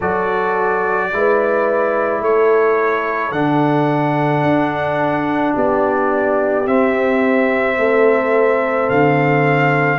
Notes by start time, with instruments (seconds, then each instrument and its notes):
0.00 tuba F#3, trombone F#4, horn A4, trumpet D5
1.12 tuba G#3, trombone E4, horn B4
2.20 tuba A3, horn A4, trumpet C#5
3.31 tuba D3, trombone D4, trumpet F#5
4.42 tuba D4
5.54 tuba B3, horn G4, trumpet D5
6.66 trombone C4, tuba C4, trumpet E5
7.78 tuba A3, horn A4
8.89 tuba D3, trumpet F5